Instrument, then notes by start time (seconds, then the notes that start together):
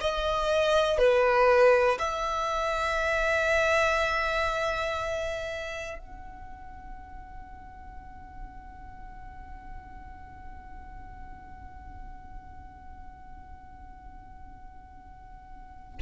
violin
0.00 D#5
0.98 B4
1.99 E5
5.98 F#5